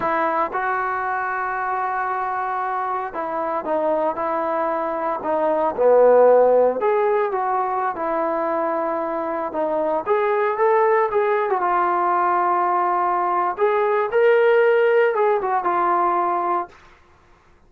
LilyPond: \new Staff \with { instrumentName = "trombone" } { \time 4/4 \tempo 4 = 115 e'4 fis'2.~ | fis'2 e'4 dis'4 | e'2 dis'4 b4~ | b4 gis'4 fis'4~ fis'16 e'8.~ |
e'2~ e'16 dis'4 gis'8.~ | gis'16 a'4 gis'8. fis'16 f'4.~ f'16~ | f'2 gis'4 ais'4~ | ais'4 gis'8 fis'8 f'2 | }